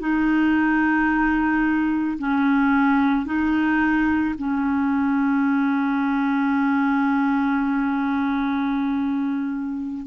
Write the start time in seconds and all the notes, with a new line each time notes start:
0.00 D#4
2.19 C#4
3.26 D#4
4.38 C#4